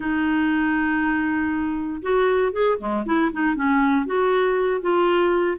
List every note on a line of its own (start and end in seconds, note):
0.00 2.01 D#4
2.02 2.52 F#4
2.52 2.78 G#4
2.78 3.04 G#3
3.05 3.31 E4
3.32 3.55 D#4
3.55 4.05 C#4
4.05 4.81 F#4
4.81 5.57 F4